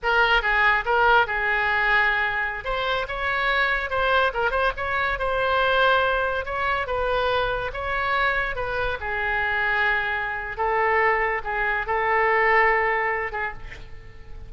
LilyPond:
\new Staff \with { instrumentName = "oboe" } { \time 4/4 \tempo 4 = 142 ais'4 gis'4 ais'4 gis'4~ | gis'2~ gis'16 c''4 cis''8.~ | cis''4~ cis''16 c''4 ais'8 c''8 cis''8.~ | cis''16 c''2. cis''8.~ |
cis''16 b'2 cis''4.~ cis''16~ | cis''16 b'4 gis'2~ gis'8.~ | gis'4 a'2 gis'4 | a'2.~ a'8 gis'8 | }